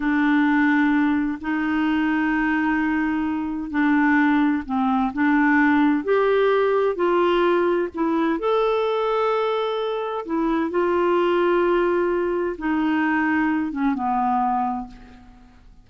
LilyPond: \new Staff \with { instrumentName = "clarinet" } { \time 4/4 \tempo 4 = 129 d'2. dis'4~ | dis'1 | d'2 c'4 d'4~ | d'4 g'2 f'4~ |
f'4 e'4 a'2~ | a'2 e'4 f'4~ | f'2. dis'4~ | dis'4. cis'8 b2 | }